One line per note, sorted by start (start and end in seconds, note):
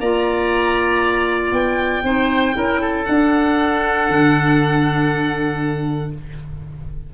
0.00 1.52 A#3
0.00 2.04 F4
0.00 2.04 D5
0.00 1.53 A#5
1.52 2.03 B3
1.52 3.05 G5
2.03 2.54 C4
2.03 2.53 D#4
2.03 2.56 C5
2.53 3.08 C#4
2.53 3.04 E4
2.53 2.81 A#4
2.81 6.12 A4
3.05 4.10 D4
3.05 6.14 D4
3.05 6.10 F#5
4.10 6.13 D3